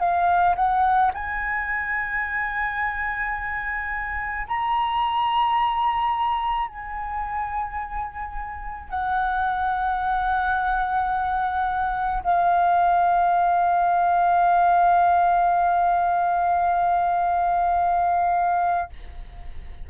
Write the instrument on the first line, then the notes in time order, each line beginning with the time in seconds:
flute
0.00 F5
0.56 F#5
1.15 G#5
4.48 A#5
6.69 G#5
8.90 F#5
12.24 F5